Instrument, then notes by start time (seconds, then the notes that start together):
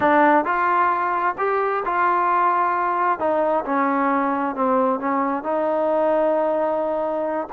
trombone
0.00 D4
0.44 F4
1.38 G4
1.85 F4
3.19 D#4
3.65 C#4
4.55 C4
4.99 C#4
5.43 D#4